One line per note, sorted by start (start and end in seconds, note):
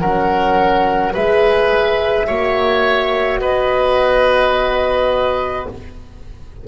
0.00 1.15 F#3
0.00 1.16 C#4
0.00 1.13 A#4
0.00 1.13 F#5
1.13 2.30 G#3
1.13 2.28 G#4
1.13 2.26 B4
1.13 3.41 E5
2.27 3.40 A#3
2.27 5.68 F#4
2.27 3.40 C#5
3.40 5.66 B3
3.40 5.68 B4
3.40 5.67 D#5